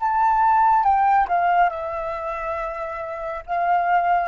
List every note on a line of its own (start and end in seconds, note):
0.00 0.83 A5
0.83 1.27 G5
1.28 1.70 F5
1.70 3.43 E5
3.46 4.28 F5